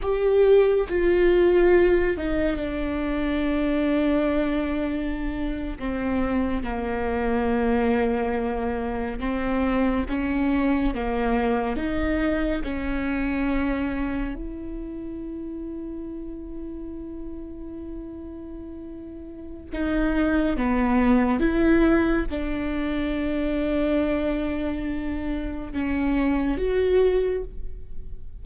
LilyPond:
\new Staff \with { instrumentName = "viola" } { \time 4/4 \tempo 4 = 70 g'4 f'4. dis'8 d'4~ | d'2~ d'8. c'4 ais16~ | ais2~ ais8. c'4 cis'16~ | cis'8. ais4 dis'4 cis'4~ cis'16~ |
cis'8. e'2.~ e'16~ | e'2. dis'4 | b4 e'4 d'2~ | d'2 cis'4 fis'4 | }